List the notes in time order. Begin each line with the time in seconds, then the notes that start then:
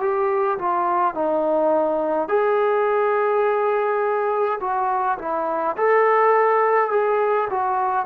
0.00 G4
0.58 F4
1.14 D#4
2.28 G#4
4.60 F#4
5.18 E4
5.76 A4
6.90 G#4
7.49 F#4